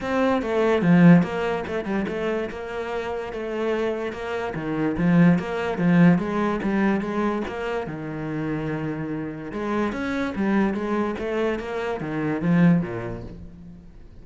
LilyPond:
\new Staff \with { instrumentName = "cello" } { \time 4/4 \tempo 4 = 145 c'4 a4 f4 ais4 | a8 g8 a4 ais2 | a2 ais4 dis4 | f4 ais4 f4 gis4 |
g4 gis4 ais4 dis4~ | dis2. gis4 | cis'4 g4 gis4 a4 | ais4 dis4 f4 ais,4 | }